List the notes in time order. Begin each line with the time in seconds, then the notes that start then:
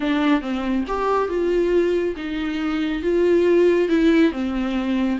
0.00 D4
0.41 C4
0.87 G4
1.29 F4
2.16 D#4
3.02 F4
3.88 E4
4.31 C4